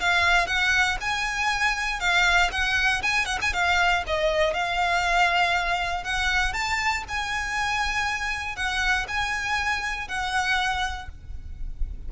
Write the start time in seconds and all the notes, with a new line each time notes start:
0.00 F5
0.47 F#5
1.01 G#5
2.00 F5
2.51 F#5
3.02 G#5
3.25 F#5
3.42 G#5
3.53 F5
4.07 D#5
4.54 F5
6.04 F#5
6.53 A5
7.08 G#5
8.56 F#5
9.08 G#5
10.08 F#5